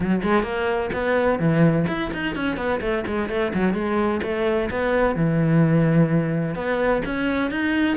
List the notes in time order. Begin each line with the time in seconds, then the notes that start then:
0.00 F#3
0.22 G#3
0.43 A#3
0.93 B3
1.39 E3
1.87 E4
2.13 D#4
2.35 C#4
2.57 B3
2.80 A3
3.06 G#3
3.29 A3
3.53 F#3
3.73 G#3
4.22 A3
4.70 B3
5.15 E3
6.55 B3
7.05 C#4
7.50 D#4